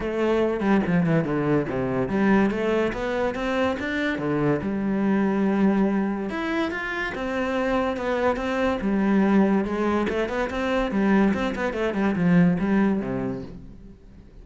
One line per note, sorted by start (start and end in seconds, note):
0.00 0.60 A3
0.60 0.81 G3
0.86 1.05 F3
1.05 1.24 E3
1.24 1.66 D3
1.68 2.08 C3
2.08 2.50 G3
2.50 2.92 A3
2.92 3.34 B3
3.34 3.76 C4
3.79 4.18 D4
4.18 4.60 D3
4.62 6.29 G3
6.29 6.71 E4
6.71 7.13 F4
7.14 7.97 C4
7.97 8.36 B3
8.36 8.78 C4
8.81 9.64 G3
9.64 10.06 G#3
10.09 10.28 A3
10.28 10.49 B3
10.50 10.91 C4
10.91 11.33 G3
11.33 11.54 C4
11.55 11.73 B3
11.73 11.94 A3
11.94 12.15 G3
12.15 12.57 F3
12.59 13.00 G3
13.00 13.42 C3